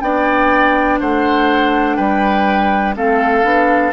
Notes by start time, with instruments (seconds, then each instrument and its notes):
0.00 bassoon B3, clarinet D4, oboe D5, flute G5
1.00 bassoon A3, oboe C5, flute F#5
1.96 bassoon G3, oboe B4, flute G5
2.95 bassoon A3, clarinet C4, oboe A4, flute F5
3.43 bassoon B3, clarinet D4